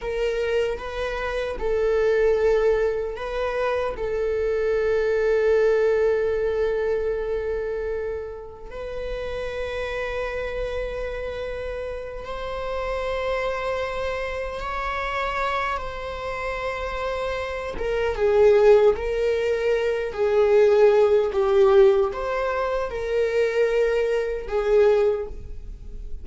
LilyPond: \new Staff \with { instrumentName = "viola" } { \time 4/4 \tempo 4 = 76 ais'4 b'4 a'2 | b'4 a'2.~ | a'2. b'4~ | b'2.~ b'8 c''8~ |
c''2~ c''8 cis''4. | c''2~ c''8 ais'8 gis'4 | ais'4. gis'4. g'4 | c''4 ais'2 gis'4 | }